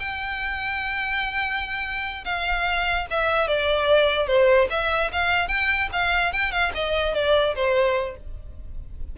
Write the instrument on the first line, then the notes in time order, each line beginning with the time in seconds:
violin
0.00 G5
2.25 F5
3.11 E5
3.48 D5
4.27 C5
4.70 E5
5.13 F5
5.48 G5
5.93 F5
6.33 G5
6.52 F5
6.75 D#5
7.14 D5
7.55 C5